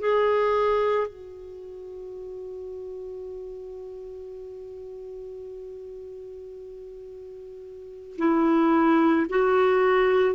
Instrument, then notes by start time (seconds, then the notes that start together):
clarinet
0.00 G#4
1.08 F#4
8.18 E4
9.30 F#4